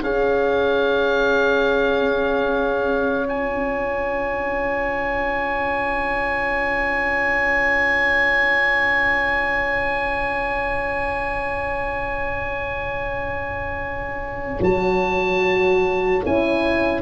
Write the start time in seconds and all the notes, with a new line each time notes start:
0.00 C#4 G#4 C#5 F5
3.27 F4 G#5
14.60 F#3 F#4 A5
16.25 C#4 E4 G#5